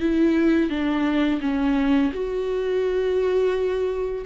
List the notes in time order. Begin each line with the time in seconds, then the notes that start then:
0.00 E4
0.70 D4
1.41 C#4
2.13 F#4